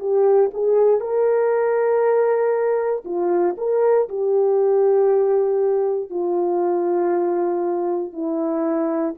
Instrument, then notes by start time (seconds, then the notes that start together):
horn
0.00 G4
0.54 G#4
1.01 A#4
3.05 F4
3.58 A#4
4.09 G4
6.11 F4
8.13 E4